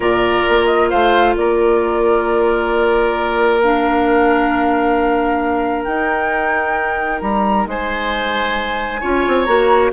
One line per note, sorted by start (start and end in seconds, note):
0.00 0.43 A#2
0.00 3.61 F4
0.00 0.89 A#4
0.00 0.66 D5
0.49 0.92 A#3
0.66 0.88 D#5
0.89 1.35 A3
0.89 1.35 C5
0.89 1.35 F5
1.35 5.86 A#3
1.35 7.69 A#4
1.35 3.60 D5
3.60 5.87 D4
3.60 5.84 F5
5.84 7.21 D#4
5.84 9.02 D#4
5.84 7.19 G5
7.21 7.66 G3
7.21 7.66 A#5
7.66 9.01 G#3
7.66 9.00 C5
7.66 9.44 G#5
9.00 9.25 C#4
9.00 9.46 F4
9.00 9.91 C#5
9.27 9.47 C4
9.44 9.92 A#3
9.44 9.91 F#4
9.44 9.89 A#5